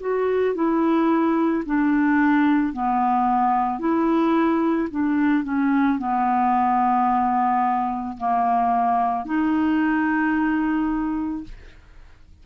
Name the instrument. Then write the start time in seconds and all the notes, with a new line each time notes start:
clarinet
0.00 F#4
0.55 E4
1.66 D4
2.73 B3
3.79 E4
4.91 D4
5.44 C#4
5.99 B3
8.18 A#3
9.25 D#4